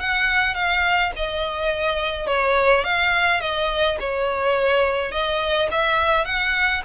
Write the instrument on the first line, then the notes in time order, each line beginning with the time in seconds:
violin
0.00 F#5
0.54 F5
1.16 D#5
2.27 C#5
2.84 F5
3.40 D#5
4.00 C#5
5.11 D#5
5.71 E5
6.25 F#5